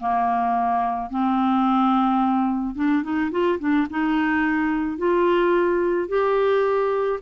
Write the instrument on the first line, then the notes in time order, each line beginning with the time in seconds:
clarinet
0.00 A#3
1.10 C4
2.76 D4
3.03 D#4
3.32 F4
3.60 D4
3.90 D#4
4.98 F4
6.09 G4